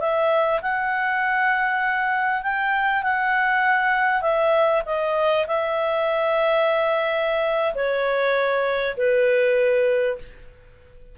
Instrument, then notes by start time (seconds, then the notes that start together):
clarinet
0.00 E5
0.62 F#5
2.42 G5
3.02 F#5
4.21 E5
4.85 D#5
5.47 E5
7.75 C#5
8.97 B4